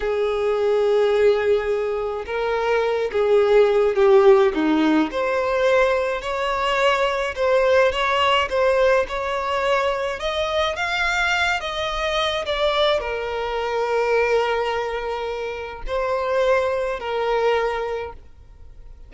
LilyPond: \new Staff \with { instrumentName = "violin" } { \time 4/4 \tempo 4 = 106 gis'1 | ais'4. gis'4. g'4 | dis'4 c''2 cis''4~ | cis''4 c''4 cis''4 c''4 |
cis''2 dis''4 f''4~ | f''8 dis''4. d''4 ais'4~ | ais'1 | c''2 ais'2 | }